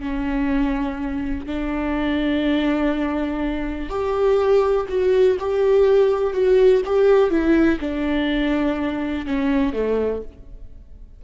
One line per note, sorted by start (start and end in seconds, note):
0.00 1.46 C#4
1.47 3.89 D4
3.89 4.87 G4
4.89 5.38 F#4
5.39 6.33 G4
6.33 6.82 F#4
6.86 7.30 G4
7.30 7.79 E4
7.80 9.26 D4
9.26 9.73 C#4
9.73 10.22 A3